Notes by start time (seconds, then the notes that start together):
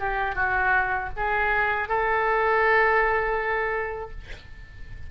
0.00 G4
0.35 F#4
1.17 G#4
1.89 A4